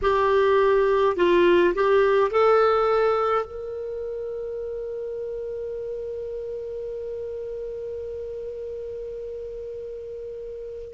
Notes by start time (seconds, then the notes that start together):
0.02 G4
1.16 F4
1.75 G4
2.31 A4
3.45 A#4